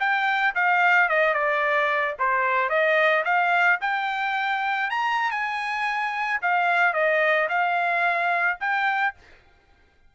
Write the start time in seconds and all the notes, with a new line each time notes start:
0.00 G5
0.55 F5
1.09 D#5
1.34 D5
2.19 C5
2.70 D#5
3.25 F5
3.81 G5
4.90 A#5
5.31 G#5
6.42 F5
6.94 D#5
7.49 F5
8.60 G5